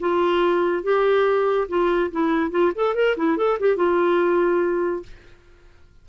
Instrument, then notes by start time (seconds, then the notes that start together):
clarinet
0.00 F4
0.83 G4
1.68 F4
2.11 E4
2.51 F4
2.75 A4
2.95 A#4
3.17 E4
3.37 A4
3.60 G4
3.76 F4